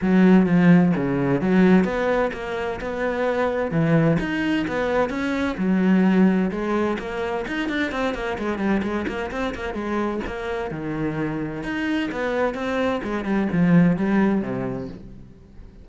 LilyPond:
\new Staff \with { instrumentName = "cello" } { \time 4/4 \tempo 4 = 129 fis4 f4 cis4 fis4 | b4 ais4 b2 | e4 dis'4 b4 cis'4 | fis2 gis4 ais4 |
dis'8 d'8 c'8 ais8 gis8 g8 gis8 ais8 | c'8 ais8 gis4 ais4 dis4~ | dis4 dis'4 b4 c'4 | gis8 g8 f4 g4 c4 | }